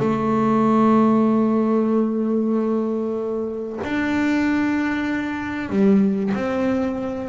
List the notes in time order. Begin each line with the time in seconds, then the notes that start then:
0.00 A3
3.84 D4
5.70 G3
6.35 C4